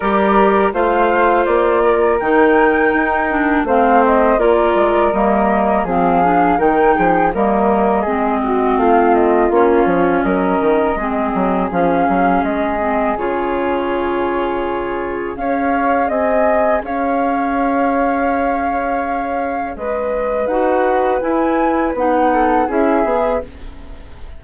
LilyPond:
<<
  \new Staff \with { instrumentName = "flute" } { \time 4/4 \tempo 4 = 82 d''4 f''4 d''4 g''4~ | g''4 f''8 dis''8 d''4 dis''4 | f''4 g''4 dis''2 | f''8 dis''8 cis''4 dis''2 |
f''4 dis''4 cis''2~ | cis''4 f''4 gis''4 f''4~ | f''2. dis''4 | fis''4 gis''4 fis''4 e''4 | }
  \new Staff \with { instrumentName = "flute" } { \time 4/4 ais'4 c''4. ais'4.~ | ais'4 c''4 ais'2 | gis'4 ais'8 gis'8 ais'4 gis'8 fis'8 | f'2 ais'4 gis'4~ |
gis'1~ | gis'4 cis''4 dis''4 cis''4~ | cis''2. b'4~ | b'2~ b'8 a'8 gis'4 | }
  \new Staff \with { instrumentName = "clarinet" } { \time 4/4 g'4 f'2 dis'4~ | dis'8 d'8 c'4 f'4 ais4 | c'8 d'8 dis'4 ais4 c'4~ | c'4 cis'2 c'4 |
cis'4. c'8 f'2~ | f'4 gis'2.~ | gis'1 | fis'4 e'4 dis'4 e'8 gis'8 | }
  \new Staff \with { instrumentName = "bassoon" } { \time 4/4 g4 a4 ais4 dis4 | dis'4 a4 ais8 gis8 g4 | f4 dis8 f8 g4 gis4 | a4 ais8 f8 fis8 dis8 gis8 fis8 |
f8 fis8 gis4 cis2~ | cis4 cis'4 c'4 cis'4~ | cis'2. gis4 | dis'4 e'4 b4 cis'8 b8 | }
>>